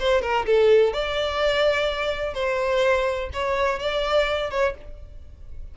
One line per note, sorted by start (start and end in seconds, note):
0.00 0.22 C5
0.22 0.46 A#4
0.46 0.94 A4
0.94 2.34 D5
2.34 3.30 C5
3.34 3.80 C#5
3.80 4.51 D5
4.51 4.75 C#5